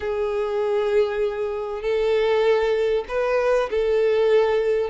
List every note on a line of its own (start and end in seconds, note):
0.00 1.82 G#4
1.82 3.04 A4
3.08 3.69 B4
3.70 4.90 A4